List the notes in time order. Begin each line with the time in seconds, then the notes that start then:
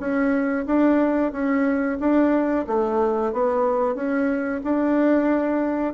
0.00 C#4
0.67 D4
1.32 C#4
2.00 D4
2.67 A3
3.33 B3
3.95 C#4
4.64 D4